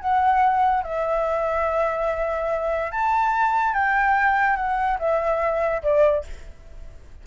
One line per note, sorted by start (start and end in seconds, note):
0.00 0.83 F#5
0.83 2.91 E5
2.91 3.73 A5
3.73 4.56 G5
4.56 4.97 F#5
4.99 5.82 E5
5.82 6.24 D5